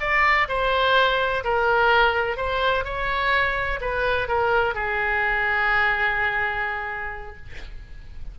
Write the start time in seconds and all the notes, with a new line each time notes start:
0.00 D5
0.48 C5
1.44 A#4
2.37 C5
2.84 C#5
3.81 B4
4.28 A#4
4.74 G#4